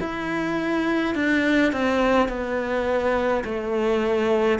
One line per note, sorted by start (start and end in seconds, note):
0.00 1.15 E4
1.15 1.73 D4
1.73 2.28 C4
2.28 3.44 B3
3.45 4.59 A3